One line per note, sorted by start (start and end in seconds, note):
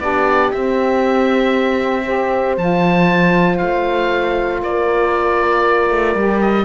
0.00 0.51 B3
0.00 0.53 D4
0.00 2.05 G4
0.00 0.51 D5
0.51 2.58 C4
0.51 2.06 C4
0.51 2.57 E5
2.05 2.57 G4
2.05 4.62 C5
2.58 3.60 F3
2.58 6.17 F4
2.58 3.58 A5
3.58 4.63 A3
3.58 4.60 F5
4.62 5.90 A#3
4.62 6.65 A#4
4.62 6.41 D5
5.90 6.15 A3
6.15 6.65 G3
6.15 6.65 G4
6.41 6.65 D#5